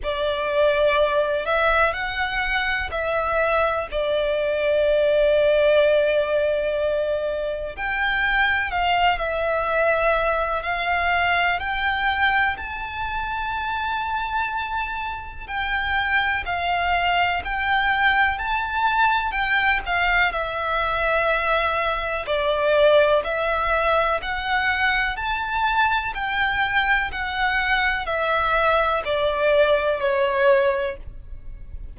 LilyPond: \new Staff \with { instrumentName = "violin" } { \time 4/4 \tempo 4 = 62 d''4. e''8 fis''4 e''4 | d''1 | g''4 f''8 e''4. f''4 | g''4 a''2. |
g''4 f''4 g''4 a''4 | g''8 f''8 e''2 d''4 | e''4 fis''4 a''4 g''4 | fis''4 e''4 d''4 cis''4 | }